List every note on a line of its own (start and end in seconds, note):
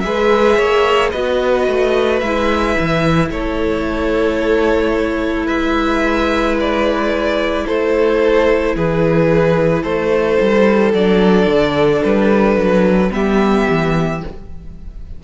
0.00 0.58 G#3
0.00 1.14 G#4
0.00 0.57 B4
0.00 1.09 E5
0.57 1.13 A#3
0.57 1.10 C#5
1.10 1.68 B3
1.10 2.23 F#4
1.10 3.28 B4
1.10 2.19 D#5
1.68 2.22 A3
2.19 2.76 G#3
2.19 10.97 E4
2.19 3.28 E5
2.79 3.31 E3
3.31 5.47 A3
3.31 5.46 A4
3.31 5.47 C#5
5.46 7.65 G#3
5.46 7.64 B4
5.46 6.56 E5
6.60 7.67 D5
7.66 8.76 A3
7.66 8.75 A4
7.66 8.76 C5
8.76 9.84 E3
8.76 9.83 G#4
8.76 9.83 B4
9.83 10.38 A3
9.83 13.11 A4
9.83 10.92 C5
10.41 10.94 G3
10.94 11.47 F#3
10.94 13.10 D4
10.94 12.03 D5
11.47 12.01 D3
12.03 12.56 G3
12.03 13.12 B4
12.56 13.10 F#3
13.10 13.67 G3
13.10 14.19 B3
13.10 14.24 G4
13.10 14.22 E5
13.69 14.23 E3